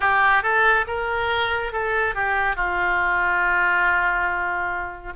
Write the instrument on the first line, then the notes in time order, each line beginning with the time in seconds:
oboe
0.00 G4
0.42 A4
0.87 A#4
1.72 A4
2.14 G4
2.56 F4